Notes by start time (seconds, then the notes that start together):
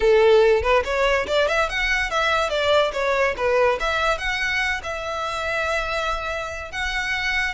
0.00 A4
0.62 B4
0.84 C#5
1.27 D5
1.48 E5
1.69 F#5
2.10 E5
2.49 D5
2.92 C#5
3.37 B4
3.80 E5
4.18 F#5
4.83 E5
6.71 F#5